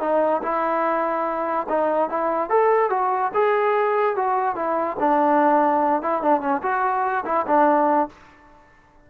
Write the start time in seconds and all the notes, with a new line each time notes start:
0.00 D#4
0.43 E4
1.69 D#4
2.10 E4
2.50 A4
2.90 F#4
3.34 G#4
4.16 F#4
4.55 E4
5.00 D4
6.02 E4
6.22 D4
6.41 C#4
6.62 F#4
7.25 E4
7.47 D4